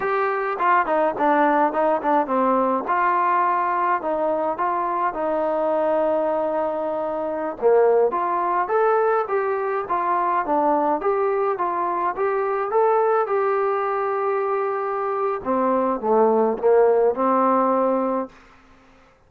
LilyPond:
\new Staff \with { instrumentName = "trombone" } { \time 4/4 \tempo 4 = 105 g'4 f'8 dis'8 d'4 dis'8 d'8 | c'4 f'2 dis'4 | f'4 dis'2.~ | dis'4~ dis'16 ais4 f'4 a'8.~ |
a'16 g'4 f'4 d'4 g'8.~ | g'16 f'4 g'4 a'4 g'8.~ | g'2. c'4 | a4 ais4 c'2 | }